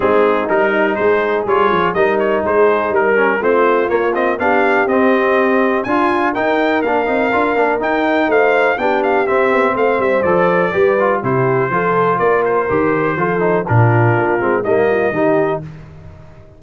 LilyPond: <<
  \new Staff \with { instrumentName = "trumpet" } { \time 4/4 \tempo 4 = 123 gis'4 ais'4 c''4 cis''4 | dis''8 cis''8 c''4 ais'4 c''4 | cis''8 dis''8 f''4 dis''2 | gis''4 g''4 f''2 |
g''4 f''4 g''8 f''8 e''4 | f''8 e''8 d''2 c''4~ | c''4 d''8 c''2~ c''8 | ais'2 dis''2 | }
  \new Staff \with { instrumentName = "horn" } { \time 4/4 dis'2 gis'2 | ais'4 gis'4 ais'4 f'4~ | f'4 g'2. | f'4 ais'2.~ |
ais'4 c''4 g'2 | c''2 b'4 g'4 | a'4 ais'2 a'4 | f'2 dis'8 f'8 g'4 | }
  \new Staff \with { instrumentName = "trombone" } { \time 4/4 c'4 dis'2 f'4 | dis'2~ dis'8 cis'8 c'4 | ais8 c'8 d'4 c'2 | f'4 dis'4 d'8 dis'8 f'8 d'8 |
dis'2 d'4 c'4~ | c'4 a'4 g'8 f'8 e'4 | f'2 g'4 f'8 dis'8 | d'4. c'8 ais4 dis'4 | }
  \new Staff \with { instrumentName = "tuba" } { \time 4/4 gis4 g4 gis4 g8 f8 | g4 gis4 g4 a4 | ais4 b4 c'2 | d'4 dis'4 ais8 c'8 d'8 ais8 |
dis'4 a4 b4 c'8 b8 | a8 g8 f4 g4 c4 | f4 ais4 dis4 f4 | ais,4 ais8 gis8 g4 dis4 | }
>>